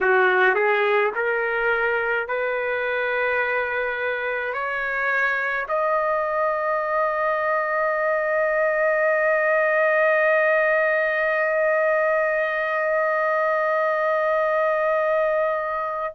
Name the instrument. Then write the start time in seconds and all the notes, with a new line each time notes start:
trumpet
0.01 F#4
0.55 G#4
1.15 A#4
2.27 B4
4.53 C#5
5.68 D#5